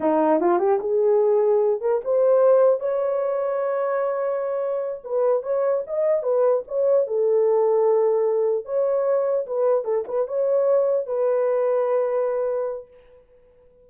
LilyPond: \new Staff \with { instrumentName = "horn" } { \time 4/4 \tempo 4 = 149 dis'4 f'8 g'8 gis'2~ | gis'8 ais'8 c''2 cis''4~ | cis''1~ | cis''8 b'4 cis''4 dis''4 b'8~ |
b'8 cis''4 a'2~ a'8~ | a'4. cis''2 b'8~ | b'8 a'8 b'8 cis''2 b'8~ | b'1 | }